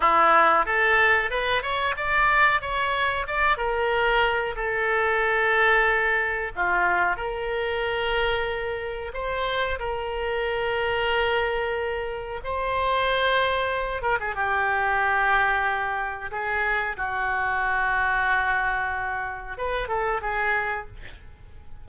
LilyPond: \new Staff \with { instrumentName = "oboe" } { \time 4/4 \tempo 4 = 92 e'4 a'4 b'8 cis''8 d''4 | cis''4 d''8 ais'4. a'4~ | a'2 f'4 ais'4~ | ais'2 c''4 ais'4~ |
ais'2. c''4~ | c''4. ais'16 gis'16 g'2~ | g'4 gis'4 fis'2~ | fis'2 b'8 a'8 gis'4 | }